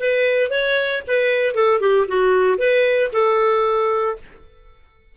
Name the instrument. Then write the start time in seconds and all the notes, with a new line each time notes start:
clarinet
0.00 B4
0.51 C#5
1.07 B4
1.55 A4
1.81 G4
2.08 F#4
2.58 B4
3.13 A4